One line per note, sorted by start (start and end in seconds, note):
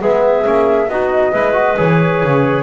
0.00 0.46 G#3
0.00 0.44 B3
0.00 0.89 G#4
0.00 0.89 E5
0.44 0.89 A#3
0.44 0.88 C#4
0.89 1.33 B3
0.89 1.33 D#4
0.89 1.32 F#4
0.89 1.78 D#5
1.32 1.78 G#3
1.32 1.53 E4
1.32 2.63 B4
1.53 1.75 F#4
1.77 2.23 E3
1.77 2.63 G#4
1.77 2.63 C#5
2.24 2.63 C#3